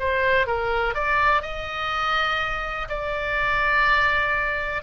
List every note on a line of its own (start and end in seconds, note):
0.00 0.47 C5
0.47 0.94 A#4
0.94 1.42 D5
1.42 2.89 D#5
2.89 4.83 D5